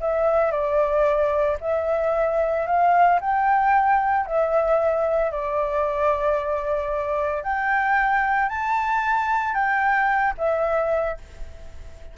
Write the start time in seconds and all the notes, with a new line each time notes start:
0.00 E5
0.51 D5
1.61 E5
2.66 F5
3.21 G5
4.26 E5
5.31 D5
7.43 G5
8.49 A5
9.54 G5
10.38 E5